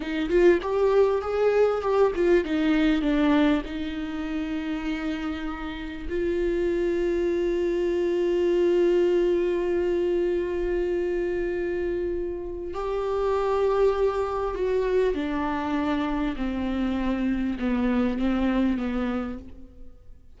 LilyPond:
\new Staff \with { instrumentName = "viola" } { \time 4/4 \tempo 4 = 99 dis'8 f'8 g'4 gis'4 g'8 f'8 | dis'4 d'4 dis'2~ | dis'2 f'2~ | f'1~ |
f'1~ | f'4 g'2. | fis'4 d'2 c'4~ | c'4 b4 c'4 b4 | }